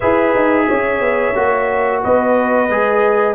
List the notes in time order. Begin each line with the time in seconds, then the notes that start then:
0.00 E4 G#4 B4 E5
0.35 D#4
0.67 C#4 C#5
1.00 B3
1.34 A#3 F#4
2.02 B3 B4 D#5
2.69 G#3 G#4